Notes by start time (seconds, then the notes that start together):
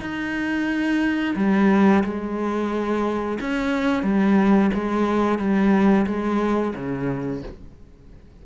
0.00 D#4
1.36 G3
2.04 G#3
3.40 C#4
4.03 G3
4.73 G#3
5.38 G3
6.06 G#3
6.75 C#3